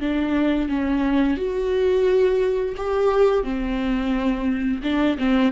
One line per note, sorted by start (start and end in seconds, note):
0.00 0.69 D4
0.69 1.37 C#4
1.37 2.75 F#4
2.77 3.44 G4
3.44 4.82 C4
4.83 5.18 D4
5.18 5.52 C4